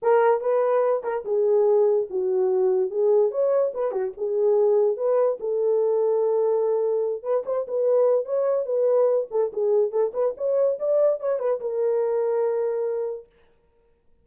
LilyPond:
\new Staff \with { instrumentName = "horn" } { \time 4/4 \tempo 4 = 145 ais'4 b'4. ais'8 gis'4~ | gis'4 fis'2 gis'4 | cis''4 b'8 fis'8 gis'2 | b'4 a'2.~ |
a'4. b'8 c''8 b'4. | cis''4 b'4. a'8 gis'4 | a'8 b'8 cis''4 d''4 cis''8 b'8 | ais'1 | }